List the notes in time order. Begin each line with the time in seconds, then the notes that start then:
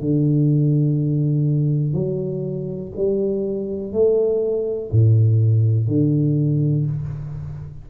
0.00 D3
1.93 F#3
2.97 G3
3.93 A3
4.91 A2
5.87 D3